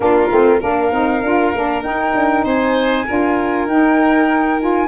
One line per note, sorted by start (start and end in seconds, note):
0.00 0.28 A#3
0.00 0.30 D4
0.00 0.60 F4
0.00 0.61 A#4
0.31 0.62 A3
0.31 0.61 C4
0.60 0.91 A#3
0.60 0.91 D4
0.60 2.43 A#4
0.60 1.82 F5
0.91 1.22 C4
0.91 1.22 D#4
1.22 1.53 D4
1.22 1.54 F4
1.54 1.83 A#3
1.54 1.83 D4
1.82 2.14 D#4
1.82 3.06 D#4
1.82 2.43 G5
2.14 2.44 D4
2.44 3.05 C4
2.44 3.05 C5
2.44 3.68 G#5
3.06 3.66 D4
3.06 3.67 F4
3.06 4.87 A#4
3.66 4.87 D#4
3.66 4.60 D#4
3.66 4.60 G5
4.60 4.87 F4
4.60 4.87 G#5